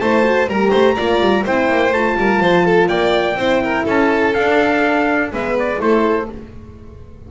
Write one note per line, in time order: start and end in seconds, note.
0.00 0.47 A3
0.00 0.23 E4
0.00 0.49 C5
0.00 0.48 A5
0.23 0.47 F#4
0.47 0.71 G3
0.47 0.97 G4
0.47 0.70 A#4
0.47 1.46 A#5
0.70 0.97 A3
0.70 0.95 C5
0.96 1.20 A#3
0.96 1.44 F4
0.96 1.44 D5
1.20 1.45 G3
1.44 1.69 C4
1.44 1.93 E4
1.44 2.17 C5
1.44 1.93 G5
1.69 1.92 A#3
1.92 2.16 A3
1.92 3.37 F4
1.92 2.89 A5
2.17 2.41 G3
2.17 2.42 A#4
2.41 2.89 F3
2.41 2.65 C5
2.65 2.88 A4
2.88 3.35 A#3
2.88 3.37 D5
2.88 3.85 G5
3.35 3.83 C4
3.35 4.34 E4
3.35 3.63 C5
3.63 3.85 A#4
3.85 4.36 C#4
3.85 5.30 A4
3.85 4.34 A5
4.34 5.31 D4
4.34 5.32 D4
4.34 5.31 F5
5.32 5.80 G#3
5.32 5.78 B3
5.32 5.81 B4
5.32 5.58 E5
5.59 5.81 D5
5.78 6.28 A3
5.78 6.26 E4
5.78 6.31 A4
5.78 6.30 C5